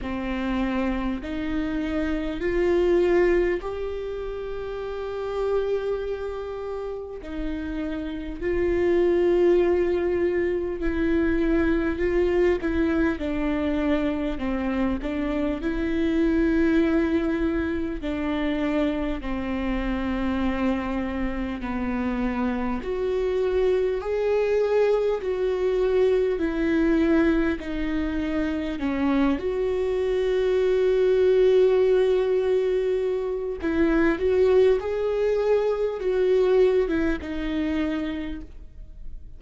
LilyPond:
\new Staff \with { instrumentName = "viola" } { \time 4/4 \tempo 4 = 50 c'4 dis'4 f'4 g'4~ | g'2 dis'4 f'4~ | f'4 e'4 f'8 e'8 d'4 | c'8 d'8 e'2 d'4 |
c'2 b4 fis'4 | gis'4 fis'4 e'4 dis'4 | cis'8 fis'2.~ fis'8 | e'8 fis'8 gis'4 fis'8. e'16 dis'4 | }